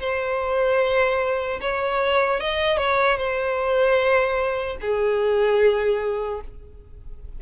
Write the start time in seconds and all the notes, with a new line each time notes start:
0.00 C5
1.61 C#5
2.40 D#5
2.77 C#5
3.18 C5
4.81 G#4